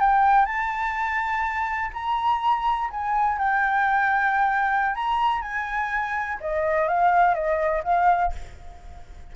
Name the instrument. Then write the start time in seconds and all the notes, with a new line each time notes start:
flute
0.00 G5
0.46 A5
1.93 A#5
2.90 G#5
3.38 G5
4.95 A#5
5.42 G#5
6.40 D#5
6.88 F5
7.35 D#5
7.84 F5